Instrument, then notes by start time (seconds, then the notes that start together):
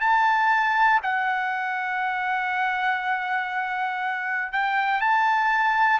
trumpet
0.00 A5
1.03 F#5
4.52 G5
5.00 A5